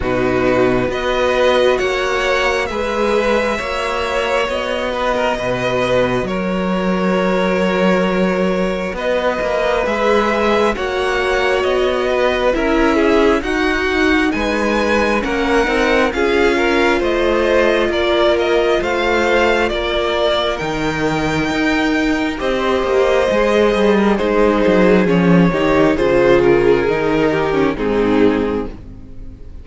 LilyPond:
<<
  \new Staff \with { instrumentName = "violin" } { \time 4/4 \tempo 4 = 67 b'4 dis''4 fis''4 e''4~ | e''4 dis''2 cis''4~ | cis''2 dis''4 e''4 | fis''4 dis''4 e''4 fis''4 |
gis''4 fis''4 f''4 dis''4 | d''8 dis''8 f''4 d''4 g''4~ | g''4 dis''2 c''4 | cis''4 c''8 ais'4. gis'4 | }
  \new Staff \with { instrumentName = "violin" } { \time 4/4 fis'4 b'4 cis''4 b'4 | cis''4. b'16 ais'16 b'4 ais'4~ | ais'2 b'2 | cis''4. b'8 ais'8 gis'8 fis'4 |
b'4 ais'4 gis'8 ais'8 c''4 | ais'4 c''4 ais'2~ | ais'4 c''4.~ c''16 ais'16 gis'4~ | gis'8 g'8 gis'4. g'8 dis'4 | }
  \new Staff \with { instrumentName = "viola" } { \time 4/4 dis'4 fis'2 gis'4 | fis'1~ | fis'2. gis'4 | fis'2 e'4 dis'4~ |
dis'4 cis'8 dis'8 f'2~ | f'2. dis'4~ | dis'4 g'4 gis'4 dis'4 | cis'8 dis'8 f'4 dis'8. cis'16 c'4 | }
  \new Staff \with { instrumentName = "cello" } { \time 4/4 b,4 b4 ais4 gis4 | ais4 b4 b,4 fis4~ | fis2 b8 ais8 gis4 | ais4 b4 cis'4 dis'4 |
gis4 ais8 c'8 cis'4 a4 | ais4 a4 ais4 dis4 | dis'4 c'8 ais8 gis8 g8 gis8 fis8 | f8 dis8 cis4 dis4 gis,4 | }
>>